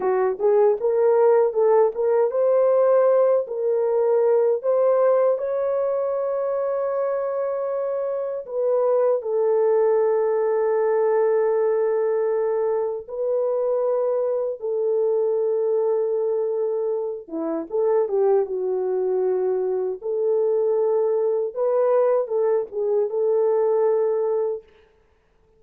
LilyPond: \new Staff \with { instrumentName = "horn" } { \time 4/4 \tempo 4 = 78 fis'8 gis'8 ais'4 a'8 ais'8 c''4~ | c''8 ais'4. c''4 cis''4~ | cis''2. b'4 | a'1~ |
a'4 b'2 a'4~ | a'2~ a'8 e'8 a'8 g'8 | fis'2 a'2 | b'4 a'8 gis'8 a'2 | }